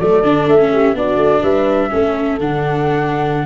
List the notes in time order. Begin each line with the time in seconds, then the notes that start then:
0.00 F#3 A3 A4 D5
0.24 D3 D4
0.47 A3 E5
0.59 C#4
0.72 G4
0.94 B3 D4 F#4 D5
1.17 A3
1.42 G3 B4 E5
1.91 A3 C#4 A4
2.40 D3 D4 F#5